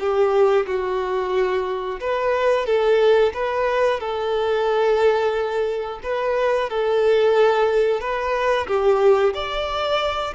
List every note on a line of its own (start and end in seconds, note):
0.00 0.67 G4
0.67 2.00 F#4
2.01 2.67 B4
2.67 3.33 A4
3.34 4.01 B4
4.01 6.01 A4
6.04 6.70 B4
6.70 8.01 A4
8.01 8.68 B4
8.68 9.34 G4
9.34 10.34 D5